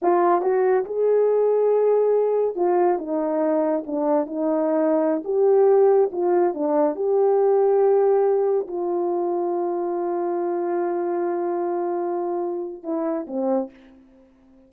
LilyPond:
\new Staff \with { instrumentName = "horn" } { \time 4/4 \tempo 4 = 140 f'4 fis'4 gis'2~ | gis'2 f'4 dis'4~ | dis'4 d'4 dis'2~ | dis'16 g'2 f'4 d'8.~ |
d'16 g'2.~ g'8.~ | g'16 f'2.~ f'8.~ | f'1~ | f'2 e'4 c'4 | }